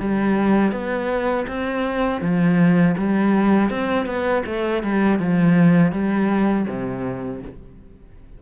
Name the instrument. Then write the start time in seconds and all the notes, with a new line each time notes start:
cello
0.00 G3
0.72 B3
1.48 C4
2.22 F3
2.98 G3
3.70 C4
4.06 B3
4.46 A3
4.84 G3
5.20 F3
5.93 G3
6.68 C3